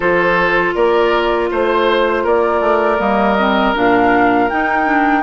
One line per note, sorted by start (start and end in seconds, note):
0.00 0.72 F3
0.00 2.99 F4
0.00 0.74 A4
0.00 0.73 C5
0.74 1.50 A#3
0.74 1.49 A#4
0.74 1.49 D5
1.50 2.24 A3
1.50 2.23 C5
1.50 2.27 C5
2.23 2.60 A#3
2.23 5.23 A#4
2.23 3.00 D5
2.60 2.98 A3
2.99 3.74 G3
2.99 3.36 A#3
2.99 3.75 D#5
3.38 3.74 C4
3.74 4.51 A#2
3.74 4.49 D4
3.74 4.49 F5
4.49 4.85 D#4
4.49 5.23 D#4
4.49 5.23 G5
4.85 5.22 D4